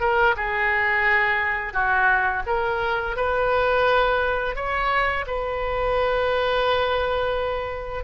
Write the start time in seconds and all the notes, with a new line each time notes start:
0.00 A#4
0.36 G#4
1.73 F#4
2.46 A#4
3.16 B4
4.55 C#5
5.26 B4